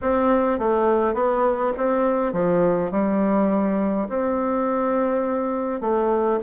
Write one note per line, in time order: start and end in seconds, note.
0.01 0.58 C4
0.58 1.14 A3
1.14 1.72 B3
1.77 2.32 C4
2.32 2.91 F3
2.91 4.08 G3
4.08 5.81 C4
5.81 6.39 A3